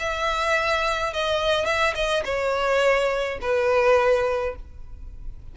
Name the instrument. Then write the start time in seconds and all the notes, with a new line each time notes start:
violin
0.00 E5
1.14 D#5
1.66 E5
1.95 D#5
2.25 C#5
3.42 B4